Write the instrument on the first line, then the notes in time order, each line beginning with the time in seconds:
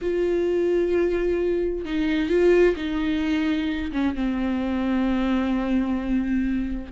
viola
0.01 F4
1.85 D#4
2.29 F4
2.76 D#4
3.92 C#4
4.15 C4